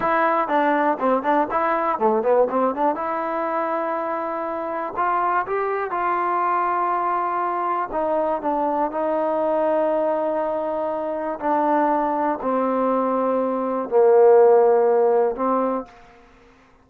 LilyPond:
\new Staff \with { instrumentName = "trombone" } { \time 4/4 \tempo 4 = 121 e'4 d'4 c'8 d'8 e'4 | a8 b8 c'8 d'8 e'2~ | e'2 f'4 g'4 | f'1 |
dis'4 d'4 dis'2~ | dis'2. d'4~ | d'4 c'2. | ais2. c'4 | }